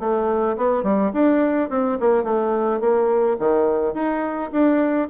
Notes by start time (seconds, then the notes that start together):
0.00 A3
0.57 B3
0.84 G3
1.13 D4
1.70 C4
2.00 A#3
2.24 A3
2.81 A#3
3.40 D#3
3.95 D#4
4.52 D4